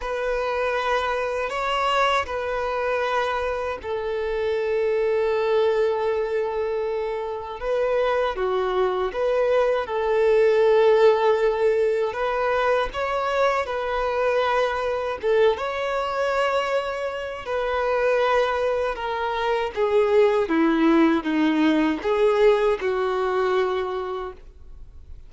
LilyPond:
\new Staff \with { instrumentName = "violin" } { \time 4/4 \tempo 4 = 79 b'2 cis''4 b'4~ | b'4 a'2.~ | a'2 b'4 fis'4 | b'4 a'2. |
b'4 cis''4 b'2 | a'8 cis''2~ cis''8 b'4~ | b'4 ais'4 gis'4 e'4 | dis'4 gis'4 fis'2 | }